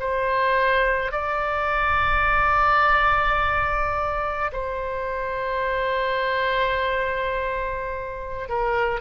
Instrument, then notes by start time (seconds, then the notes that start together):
oboe
0.00 C5
1.12 D5
4.53 C5
8.49 A#4